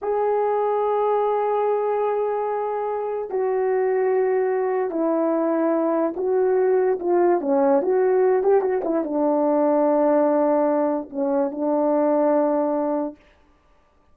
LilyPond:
\new Staff \with { instrumentName = "horn" } { \time 4/4 \tempo 4 = 146 gis'1~ | gis'1 | fis'1 | e'2. fis'4~ |
fis'4 f'4 cis'4 fis'4~ | fis'8 g'8 fis'8 e'8 d'2~ | d'2. cis'4 | d'1 | }